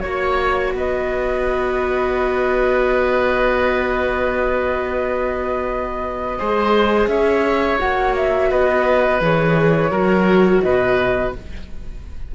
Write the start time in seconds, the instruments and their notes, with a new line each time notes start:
0.00 cello A#3, viola F#4, flute C#5, oboe C#5
0.74 cello B3, oboe B4, flute D#5
6.39 cello G#3, viola G#4, oboe C5
7.08 cello C#4, oboe C#5, flute E5
7.79 cello A#3, viola F#4, flute F#5
8.16 flute E5
8.50 cello B3, oboe B4, flute D#5
9.21 cello E3, viola G#4, flute C#5
9.91 cello F#3, viola F#4, oboe A#4
10.62 cello B2, oboe B4, flute D#5